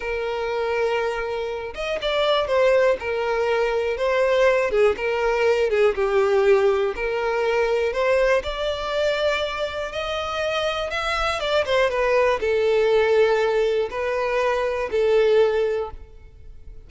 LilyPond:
\new Staff \with { instrumentName = "violin" } { \time 4/4 \tempo 4 = 121 ais'2.~ ais'8 dis''8 | d''4 c''4 ais'2 | c''4. gis'8 ais'4. gis'8 | g'2 ais'2 |
c''4 d''2. | dis''2 e''4 d''8 c''8 | b'4 a'2. | b'2 a'2 | }